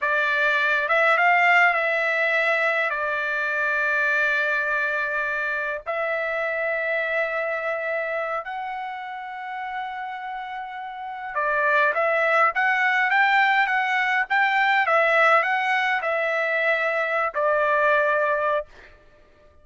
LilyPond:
\new Staff \with { instrumentName = "trumpet" } { \time 4/4 \tempo 4 = 103 d''4. e''8 f''4 e''4~ | e''4 d''2.~ | d''2 e''2~ | e''2~ e''8 fis''4.~ |
fis''2.~ fis''8 d''8~ | d''8 e''4 fis''4 g''4 fis''8~ | fis''8 g''4 e''4 fis''4 e''8~ | e''4.~ e''16 d''2~ d''16 | }